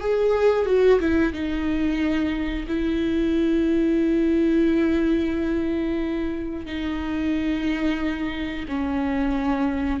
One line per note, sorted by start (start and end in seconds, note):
0.00 0.65 G#4
0.65 0.99 F#4
0.99 1.32 E4
1.32 2.66 D#4
2.67 6.65 E4
6.65 8.65 D#4
8.68 10.00 C#4